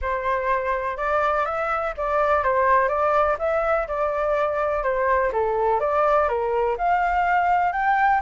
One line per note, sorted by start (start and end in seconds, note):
0.01 0.97 C5
0.97 1.45 D5
1.45 1.94 E5
1.97 2.43 D5
2.43 2.88 C5
2.88 3.36 D5
3.38 3.87 E5
3.87 4.83 D5
4.83 5.31 C5
5.32 5.80 A4
5.80 6.28 D5
6.28 6.76 A#4
6.77 7.72 F5
7.72 8.21 G5